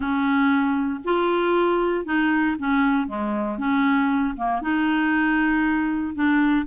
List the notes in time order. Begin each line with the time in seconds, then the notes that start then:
0.00 C#4
1.04 F4
2.05 D#4
2.59 C#4
3.07 G#3
3.58 C#4
4.36 A#3
4.61 D#4
6.14 D4